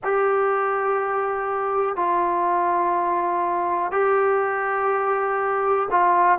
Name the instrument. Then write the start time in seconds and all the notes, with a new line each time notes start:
trombone
0.03 G4
1.96 F4
3.91 G4
5.91 F4